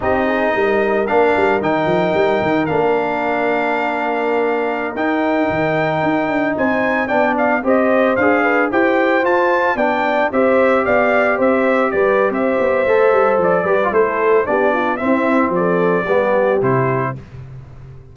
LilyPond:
<<
  \new Staff \with { instrumentName = "trumpet" } { \time 4/4 \tempo 4 = 112 dis''2 f''4 g''4~ | g''4 f''2.~ | f''4~ f''16 g''2~ g''8.~ | g''16 gis''4 g''8 f''8 dis''4 f''8.~ |
f''16 g''4 a''4 g''4 e''8.~ | e''16 f''4 e''4 d''8. e''4~ | e''4 d''4 c''4 d''4 | e''4 d''2 c''4 | }
  \new Staff \with { instrumentName = "horn" } { \time 4/4 g'8 gis'8 ais'2.~ | ais'1~ | ais'1~ | ais'16 c''4 d''4 c''4. b'16~ |
b'16 c''2 d''4 c''8.~ | c''16 d''4 c''4 b'8. c''4~ | c''4. b'8 a'4 g'8 f'8 | e'4 a'4 g'2 | }
  \new Staff \with { instrumentName = "trombone" } { \time 4/4 dis'2 d'4 dis'4~ | dis'4 d'2.~ | d'4~ d'16 dis'2~ dis'8.~ | dis'4~ dis'16 d'4 g'4 gis'8.~ |
gis'16 g'4 f'4 d'4 g'8.~ | g'1 | a'4. g'16 f'16 e'4 d'4 | c'2 b4 e'4 | }
  \new Staff \with { instrumentName = "tuba" } { \time 4/4 c'4 g4 ais8 g8 dis8 f8 | g8 dis8 ais2.~ | ais4~ ais16 dis'4 dis4 dis'8 d'16~ | d'16 c'4 b4 c'4 d'8.~ |
d'16 e'4 f'4 b4 c'8.~ | c'16 b4 c'4 g8. c'8 b8 | a8 g8 f8 g8 a4 b4 | c'4 f4 g4 c4 | }
>>